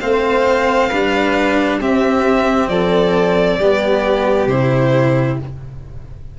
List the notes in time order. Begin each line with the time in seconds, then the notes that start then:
0.00 A3 C4 C5 F5
0.90 G3 D4 B4
1.80 C4 G4 E5
2.68 F3 A4 D5
3.58 G3 B3 G4
4.46 C3 E4 C5